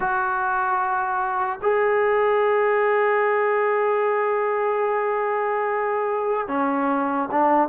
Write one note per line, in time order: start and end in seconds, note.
0.00 1.59 F#4
1.62 6.47 G#4
6.47 7.28 C#4
7.31 7.68 D4